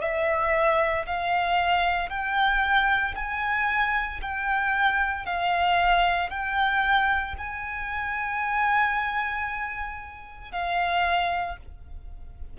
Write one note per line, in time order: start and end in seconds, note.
0.00 1.05 E5
1.06 2.09 F5
2.09 3.14 G5
3.15 4.21 G#5
4.22 5.25 G5
5.25 6.30 F5
6.30 7.35 G5
7.37 10.51 G#5
10.51 11.56 F5